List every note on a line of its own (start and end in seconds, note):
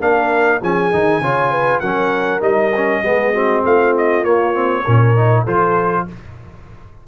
0.00 0.61 A#3
0.00 0.61 D4
0.00 0.61 A#4
0.00 0.62 F5
0.61 0.92 F3
0.61 0.92 C#4
0.61 1.21 G#4
0.61 1.80 G#5
0.92 1.20 D#3
0.92 1.22 D#4
1.20 1.81 C#3
1.20 1.83 F4
1.20 1.51 C#5
1.51 1.80 B4
1.80 2.41 F#3
1.80 2.40 C#4
1.80 3.02 A#4
1.80 2.40 F#5
2.40 3.02 G3
2.40 2.71 D#4
2.40 3.64 D#5
2.76 3.03 C#4
3.03 3.63 G#3
3.03 3.34 B3
3.03 3.33 G#4
3.33 4.25 C4
3.33 3.63 F#4
3.64 4.23 A3
3.64 4.84 F4
3.64 3.96 F5
3.97 4.24 D#5
4.23 4.84 A#3
4.23 4.54 A#3
4.23 5.45 C#5
4.54 4.84 C4
4.84 5.47 A#2
4.84 5.16 C#4
4.84 5.44 A#4
5.16 5.46 D#4
5.44 6.07 F3
5.44 6.07 F4
5.44 6.04 A4
5.44 6.07 C5